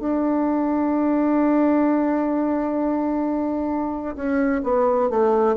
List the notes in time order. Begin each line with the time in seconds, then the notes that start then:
0.00 D4
4.16 C#4
4.64 B3
5.10 A3